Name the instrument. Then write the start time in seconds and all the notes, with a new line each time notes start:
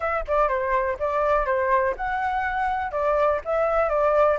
flute
0.00 E5
0.27 D5
0.48 C5
0.99 D5
1.46 C5
1.96 F#5
2.91 D5
3.44 E5
3.89 D5